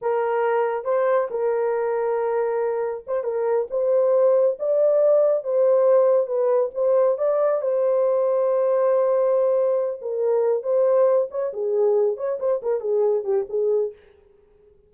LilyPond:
\new Staff \with { instrumentName = "horn" } { \time 4/4 \tempo 4 = 138 ais'2 c''4 ais'4~ | ais'2. c''8 ais'8~ | ais'8 c''2 d''4.~ | d''8 c''2 b'4 c''8~ |
c''8 d''4 c''2~ c''8~ | c''2. ais'4~ | ais'8 c''4. cis''8 gis'4. | cis''8 c''8 ais'8 gis'4 g'8 gis'4 | }